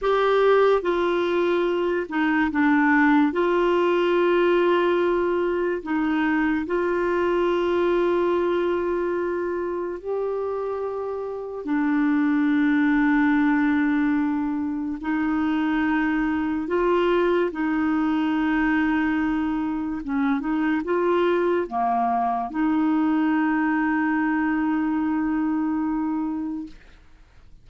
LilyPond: \new Staff \with { instrumentName = "clarinet" } { \time 4/4 \tempo 4 = 72 g'4 f'4. dis'8 d'4 | f'2. dis'4 | f'1 | g'2 d'2~ |
d'2 dis'2 | f'4 dis'2. | cis'8 dis'8 f'4 ais4 dis'4~ | dis'1 | }